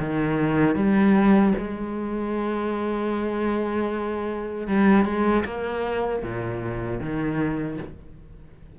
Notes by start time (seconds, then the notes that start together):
0.00 D#3
0.76 G3
1.58 G#3
4.68 G3
5.05 G#3
5.45 A#3
6.23 A#2
7.00 D#3